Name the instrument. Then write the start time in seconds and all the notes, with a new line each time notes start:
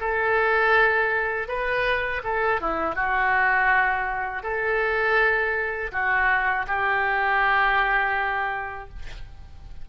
oboe
0.00 A4
1.48 B4
2.24 A4
2.61 E4
2.95 F#4
4.43 A4
5.92 F#4
6.67 G4